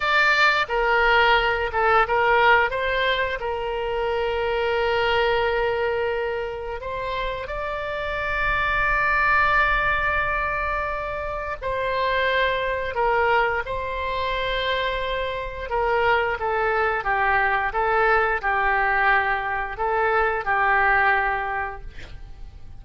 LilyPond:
\new Staff \with { instrumentName = "oboe" } { \time 4/4 \tempo 4 = 88 d''4 ais'4. a'8 ais'4 | c''4 ais'2.~ | ais'2 c''4 d''4~ | d''1~ |
d''4 c''2 ais'4 | c''2. ais'4 | a'4 g'4 a'4 g'4~ | g'4 a'4 g'2 | }